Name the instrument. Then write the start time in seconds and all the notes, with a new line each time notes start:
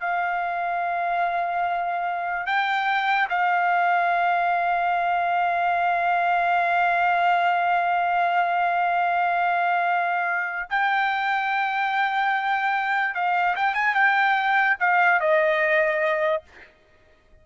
trumpet
0.00 F5
2.46 G5
3.29 F5
10.70 G5
13.14 F5
13.56 G5
13.74 G#5
13.95 G5
14.79 F5
15.20 D#5